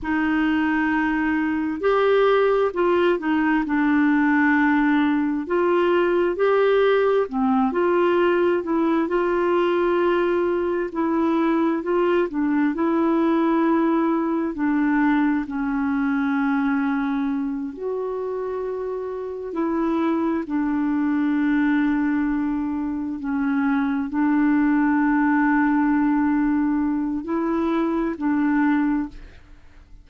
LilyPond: \new Staff \with { instrumentName = "clarinet" } { \time 4/4 \tempo 4 = 66 dis'2 g'4 f'8 dis'8 | d'2 f'4 g'4 | c'8 f'4 e'8 f'2 | e'4 f'8 d'8 e'2 |
d'4 cis'2~ cis'8 fis'8~ | fis'4. e'4 d'4.~ | d'4. cis'4 d'4.~ | d'2 e'4 d'4 | }